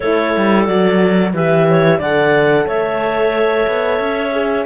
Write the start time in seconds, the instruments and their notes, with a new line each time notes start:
0.00 cello A3, horn E4, clarinet A4 C#5
0.36 cello G3
0.66 cello F#3, horn F#4, clarinet D5
1.33 cello E3, horn G4, clarinet B4 E5
1.69 clarinet C#5
1.98 cello D3, horn A4, clarinet D5 F#5
2.66 cello A3, clarinet C#5 E5
3.67 cello B3
3.99 cello C#4
4.32 horn G#4